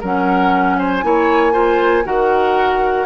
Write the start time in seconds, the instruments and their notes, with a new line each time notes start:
0.00 bassoon F#3, clarinet C#4, oboe A#4, flute F#5
0.78 oboe C5, flute G#5
1.03 bassoon A#3, clarinet E4, oboe C#5
1.52 clarinet F4, oboe C5
2.04 bassoon D#3, clarinet F#4, oboe A#4, flute F#5